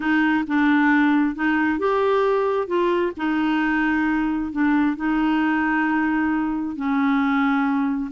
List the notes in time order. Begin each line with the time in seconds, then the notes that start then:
0.00 D#4
0.47 D4
1.35 D#4
1.78 G4
2.67 F4
3.16 D#4
4.52 D4
4.96 D#4
6.75 C#4